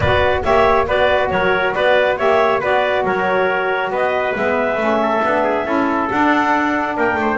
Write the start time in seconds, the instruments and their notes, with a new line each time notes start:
0.00 double bass B3, saxophone F#4, trumpet B4, clarinet D5
0.42 double bass A#3, saxophone G4, trumpet C#5, clarinet E5
0.86 double bass B3, saxophone F#4, trumpet B4, clarinet D5
1.29 double bass F#3, trumpet A#4, clarinet C#5
1.74 double bass B3, trumpet B4, clarinet D5
2.17 double bass A#3, saxophone G4, trumpet C#5, clarinet E5
2.60 double bass B3, saxophone F#4, trumpet B4, clarinet D5
3.04 double bass F#3, trumpet A#4, clarinet C#5
3.89 double bass B3, trumpet B4, clarinet D#5
4.35 double bass G#3, saxophone B3, clarinet E5
4.76 double bass A3, saxophone C#4
5.01 trumpet A4
5.24 double bass B3, saxophone D4
5.43 trumpet G#4
5.65 double bass C#4, saxophone E4, trumpet A4
6.09 saxophone D4, double bass D4, clarinet F#5
6.96 double bass A#3, trumpet A#4, clarinet G5
7.14 double bass A3
7.21 trumpet C5